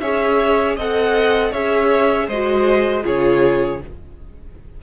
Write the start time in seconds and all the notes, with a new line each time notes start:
0.00 C#4 G#4 C#5 E5
0.76 C4 A4 D#5 F#5
1.51 C#4 G#4 C#5 E5
2.27 G#3 F#4 C5 D#5
3.03 C#3 F4 G#4 C#5